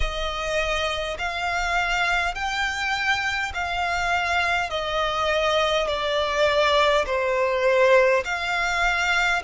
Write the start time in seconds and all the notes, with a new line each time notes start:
0.00 D#5
1.18 F5
2.34 G5
3.53 F5
4.70 D#5
5.87 D5
7.06 C5
8.24 F5